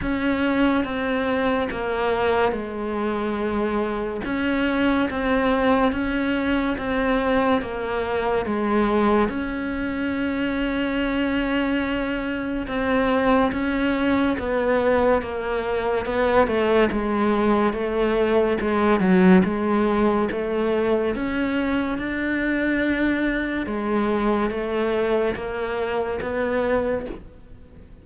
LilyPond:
\new Staff \with { instrumentName = "cello" } { \time 4/4 \tempo 4 = 71 cis'4 c'4 ais4 gis4~ | gis4 cis'4 c'4 cis'4 | c'4 ais4 gis4 cis'4~ | cis'2. c'4 |
cis'4 b4 ais4 b8 a8 | gis4 a4 gis8 fis8 gis4 | a4 cis'4 d'2 | gis4 a4 ais4 b4 | }